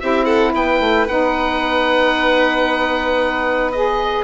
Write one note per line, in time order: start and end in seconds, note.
0.00 0.54 C4
0.00 1.07 E4
0.00 0.25 G4
0.00 0.25 E5
0.25 0.52 A4
0.25 0.52 F#5
0.53 0.80 B3
0.53 4.24 B4
0.53 1.08 G5
0.80 1.07 A3
1.08 4.24 B3
1.08 3.73 D#4
1.08 3.72 F#5
3.72 4.24 G#4
3.72 4.24 D#5